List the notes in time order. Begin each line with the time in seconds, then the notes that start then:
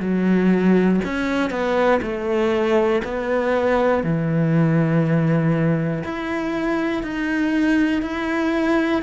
0.00 F#3
1.05 C#4
1.50 B3
2.02 A3
3.04 B3
4.03 E3
6.04 E4
7.03 D#4
8.02 E4